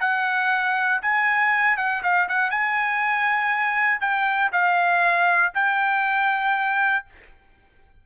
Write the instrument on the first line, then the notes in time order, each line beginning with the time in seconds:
trumpet
0.00 F#5
1.02 G#5
1.77 F#5
2.03 F5
2.28 F#5
2.50 G#5
4.01 G5
4.52 F5
5.54 G5